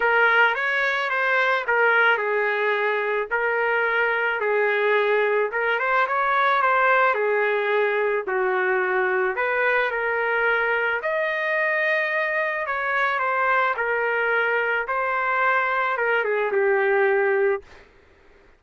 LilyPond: \new Staff \with { instrumentName = "trumpet" } { \time 4/4 \tempo 4 = 109 ais'4 cis''4 c''4 ais'4 | gis'2 ais'2 | gis'2 ais'8 c''8 cis''4 | c''4 gis'2 fis'4~ |
fis'4 b'4 ais'2 | dis''2. cis''4 | c''4 ais'2 c''4~ | c''4 ais'8 gis'8 g'2 | }